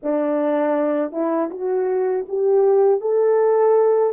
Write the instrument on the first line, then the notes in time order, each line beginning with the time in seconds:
horn
0.02 D4
1.12 E4
1.50 F#4
2.28 G4
3.00 A4